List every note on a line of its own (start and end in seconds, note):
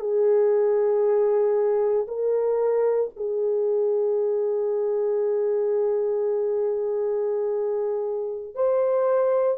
0.00 2.07 G#4
2.08 3.11 A#4
3.17 8.55 G#4
8.55 9.58 C5